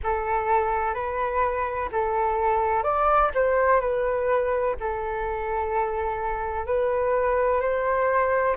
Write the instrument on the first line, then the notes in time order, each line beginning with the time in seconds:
flute
0.03 A4
0.94 B4
1.91 A4
2.83 D5
3.34 C5
3.80 B4
4.80 A4
6.66 B4
7.61 C5